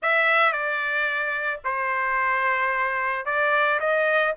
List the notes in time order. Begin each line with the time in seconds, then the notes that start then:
0.02 E5
0.52 D5
1.64 C5
3.25 D5
3.80 D#5